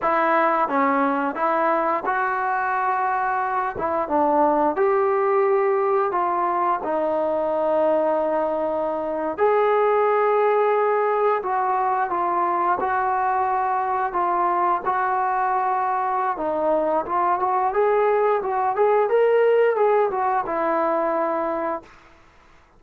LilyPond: \new Staff \with { instrumentName = "trombone" } { \time 4/4 \tempo 4 = 88 e'4 cis'4 e'4 fis'4~ | fis'4. e'8 d'4 g'4~ | g'4 f'4 dis'2~ | dis'4.~ dis'16 gis'2~ gis'16~ |
gis'8. fis'4 f'4 fis'4~ fis'16~ | fis'8. f'4 fis'2~ fis'16 | dis'4 f'8 fis'8 gis'4 fis'8 gis'8 | ais'4 gis'8 fis'8 e'2 | }